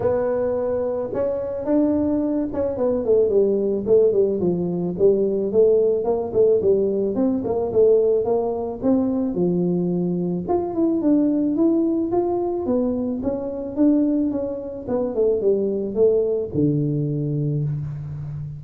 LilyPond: \new Staff \with { instrumentName = "tuba" } { \time 4/4 \tempo 4 = 109 b2 cis'4 d'4~ | d'8 cis'8 b8 a8 g4 a8 g8 | f4 g4 a4 ais8 a8 | g4 c'8 ais8 a4 ais4 |
c'4 f2 f'8 e'8 | d'4 e'4 f'4 b4 | cis'4 d'4 cis'4 b8 a8 | g4 a4 d2 | }